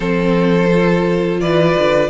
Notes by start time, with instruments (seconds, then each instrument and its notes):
0.00 cello F3, viola C4, violin A4 C5
0.72 viola F4
1.40 cello E3, violin B4 D5
1.78 cello D3